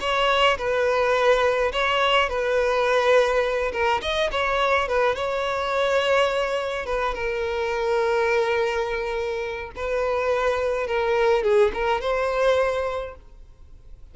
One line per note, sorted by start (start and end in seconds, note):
0.00 0.57 C#5
0.57 1.71 B4
1.72 2.29 C#5
2.29 3.71 B4
3.72 4.01 A#4
4.01 4.30 D#5
4.31 4.88 C#5
4.88 5.15 B4
5.15 6.85 C#5
6.85 7.14 B4
7.14 9.71 A#4
9.76 10.87 B4
10.87 11.43 A#4
11.43 11.71 G#4
11.74 12.01 A#4
12.01 13.15 C5